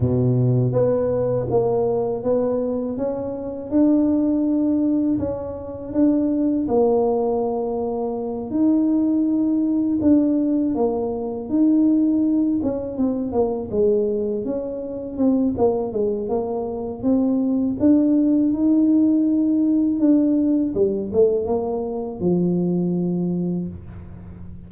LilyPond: \new Staff \with { instrumentName = "tuba" } { \time 4/4 \tempo 4 = 81 b,4 b4 ais4 b4 | cis'4 d'2 cis'4 | d'4 ais2~ ais8 dis'8~ | dis'4. d'4 ais4 dis'8~ |
dis'4 cis'8 c'8 ais8 gis4 cis'8~ | cis'8 c'8 ais8 gis8 ais4 c'4 | d'4 dis'2 d'4 | g8 a8 ais4 f2 | }